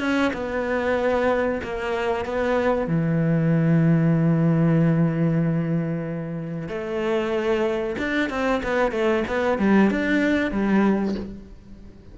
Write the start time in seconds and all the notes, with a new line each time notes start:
0.00 C#4
0.33 B3
1.64 A#3
2.26 B3
2.88 E3
6.69 A3
7.98 D4
8.30 C4
8.63 B3
8.92 A3
9.28 B3
9.59 G3
9.91 D4
10.51 G3